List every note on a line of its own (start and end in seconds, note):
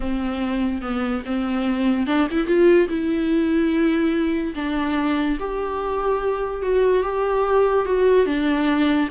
0.00 0.81 C4
0.81 1.22 B3
1.25 2.07 C4
2.07 2.27 D4
2.30 2.46 E4
2.46 2.88 F4
2.88 4.54 E4
4.55 5.37 D4
5.39 6.62 G4
6.62 7.03 F#4
7.03 7.85 G4
7.85 8.26 F#4
8.26 9.08 D4